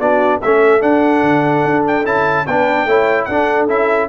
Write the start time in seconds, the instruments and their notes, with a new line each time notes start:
0.00 tuba B3, trombone D4, horn F#4, trumpet D5
0.42 tuba A3, trombone C#4, horn A4, trumpet E5
0.81 trombone D4, tuba D4, trumpet F#5
1.23 tuba D3
1.65 tuba D4
1.87 trumpet G5
2.05 tuba C#4, trombone E4, trumpet A5
2.47 tuba B3, trombone D4, horn B4, trumpet G5
2.86 tuba A3, trombone E4, horn C#5
3.25 tuba D4, trombone D4, horn A4, trumpet F#5
3.69 tuba C#4, trombone E4, trumpet E5